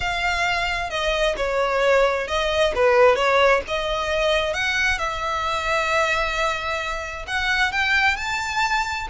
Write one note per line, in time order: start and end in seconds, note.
0.00 0.90 F5
0.90 1.35 D#5
1.36 2.27 C#5
2.27 2.73 D#5
2.75 3.15 B4
3.15 3.61 C#5
3.67 4.53 D#5
4.53 4.98 F#5
4.98 7.25 E5
7.27 7.72 F#5
7.72 8.16 G5
8.16 9.07 A5